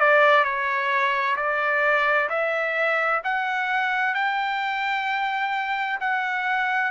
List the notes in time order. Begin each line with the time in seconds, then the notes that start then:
0.00 D5
0.44 C#5
1.36 D5
2.29 E5
3.23 F#5
4.14 G5
6.00 F#5